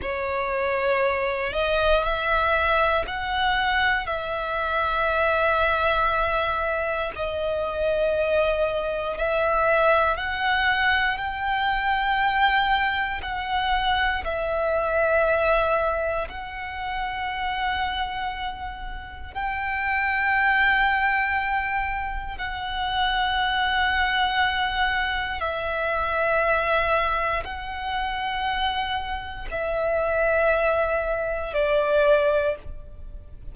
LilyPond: \new Staff \with { instrumentName = "violin" } { \time 4/4 \tempo 4 = 59 cis''4. dis''8 e''4 fis''4 | e''2. dis''4~ | dis''4 e''4 fis''4 g''4~ | g''4 fis''4 e''2 |
fis''2. g''4~ | g''2 fis''2~ | fis''4 e''2 fis''4~ | fis''4 e''2 d''4 | }